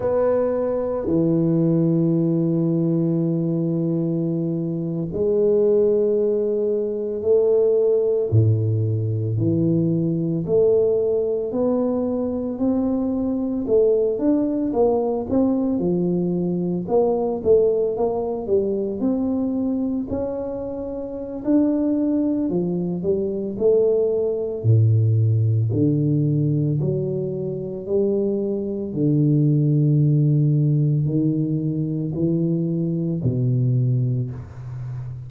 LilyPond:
\new Staff \with { instrumentName = "tuba" } { \time 4/4 \tempo 4 = 56 b4 e2.~ | e8. gis2 a4 a,16~ | a,8. e4 a4 b4 c'16~ | c'8. a8 d'8 ais8 c'8 f4 ais16~ |
ais16 a8 ais8 g8 c'4 cis'4~ cis'16 | d'4 f8 g8 a4 a,4 | d4 fis4 g4 d4~ | d4 dis4 e4 b,4 | }